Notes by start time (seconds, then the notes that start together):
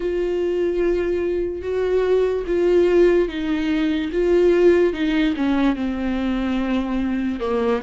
0.00 F4
1.62 F#4
2.46 F4
3.28 D#4
4.12 F4
4.93 D#4
5.36 C#4
5.75 C4
7.40 A#3